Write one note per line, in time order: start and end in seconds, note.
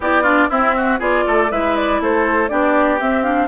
0.00 0.48 B3
0.00 0.24 E4
0.00 0.22 G4
0.00 0.49 D5
0.22 0.49 D4
0.22 0.47 F4
0.49 1.00 C4
0.49 0.99 C4
0.49 0.75 E4
0.49 0.99 E5
0.76 0.99 F#4
0.99 1.25 B3
0.99 1.49 F4
0.99 1.24 G#4
0.99 1.51 D5
1.26 1.51 A3
1.26 1.51 A4
1.51 2.00 G#3
1.51 2.48 E4
1.51 2.01 B4
1.51 1.76 E5
1.76 2.01 D5
2.00 2.50 A3
2.00 2.50 A4
2.00 2.48 C5
2.48 3.00 B3
2.48 2.98 D4
2.48 3.47 G4
2.48 2.98 D5
2.99 3.23 C4
2.99 3.47 C4
2.99 3.23 E5
3.23 3.47 D4
3.23 3.47 F5